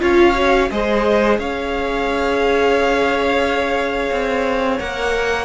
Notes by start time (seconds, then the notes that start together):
0.00 C#4 F4 C#5 F5
0.35 F#4
0.71 G#3 G#4 C5 D#5
1.38 C#4 C#5 F5
4.11 C4
4.79 A#3 A#4 F#5